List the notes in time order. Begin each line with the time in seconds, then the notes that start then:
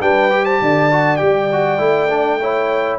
0.00 G3 D4 B4 G5
0.30 G4
0.44 C5 A5
0.61 D3 D5
0.91 F#4
1.16 G3 G4 G5
1.52 F#4
1.78 A3 E4
2.09 D4
2.40 E4 C#5